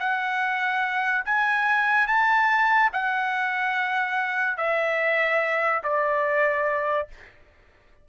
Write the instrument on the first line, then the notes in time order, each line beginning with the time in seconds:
trumpet
0.00 F#5
1.25 G#5
2.08 A5
2.93 F#5
4.58 E5
5.83 D5